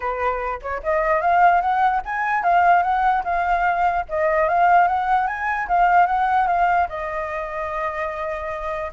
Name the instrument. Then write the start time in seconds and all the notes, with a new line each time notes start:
flute
0.00 B4
0.62 C#5
0.83 D#5
1.21 F5
1.61 F#5
2.05 G#5
2.43 F5
2.82 F#5
3.24 F5
4.09 D#5
4.48 F5
4.87 F#5
5.27 G#5
5.68 F5
6.06 F#5
6.47 F5
6.88 D#5